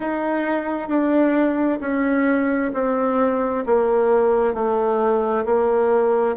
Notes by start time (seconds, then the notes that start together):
0.00 D#4
0.88 D4
1.80 C#4
2.73 C4
3.66 A#3
4.54 A3
5.45 A#3